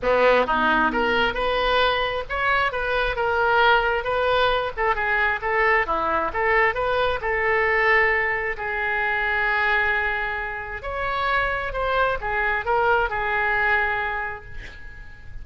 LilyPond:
\new Staff \with { instrumentName = "oboe" } { \time 4/4 \tempo 4 = 133 b4 dis'4 ais'4 b'4~ | b'4 cis''4 b'4 ais'4~ | ais'4 b'4. a'8 gis'4 | a'4 e'4 a'4 b'4 |
a'2. gis'4~ | gis'1 | cis''2 c''4 gis'4 | ais'4 gis'2. | }